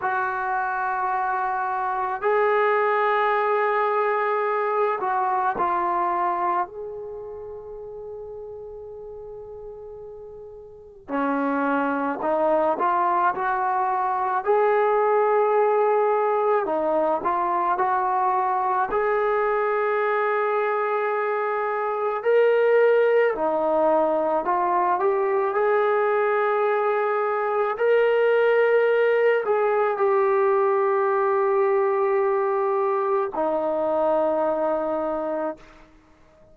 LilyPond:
\new Staff \with { instrumentName = "trombone" } { \time 4/4 \tempo 4 = 54 fis'2 gis'2~ | gis'8 fis'8 f'4 gis'2~ | gis'2 cis'4 dis'8 f'8 | fis'4 gis'2 dis'8 f'8 |
fis'4 gis'2. | ais'4 dis'4 f'8 g'8 gis'4~ | gis'4 ais'4. gis'8 g'4~ | g'2 dis'2 | }